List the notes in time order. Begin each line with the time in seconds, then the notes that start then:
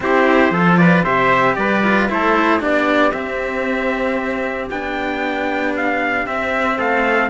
0.00 C4 E4 G4 C5
0.50 F3 F4 A4
0.77 B4 D5
1.03 C3 G4 C5 E5
1.55 G3 B4 D5
1.83 F4
2.08 A3 E4 A4 C5
2.59 B3 D4 G4 D5
3.11 C4 E5
4.69 B3 D4 G5
5.76 F5
6.26 C4 E5
6.77 A3 A4 F5